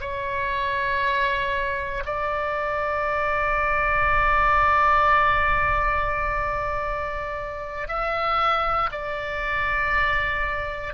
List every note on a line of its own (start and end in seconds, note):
0.00 2.03 C#5
2.05 7.88 D5
7.88 8.89 E5
8.91 10.93 D5